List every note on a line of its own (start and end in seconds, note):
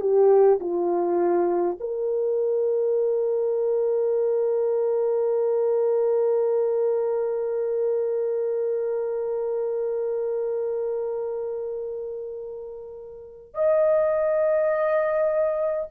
0.00 0.59 G4
0.60 1.78 F4
1.80 13.53 A#4
13.53 15.89 D#5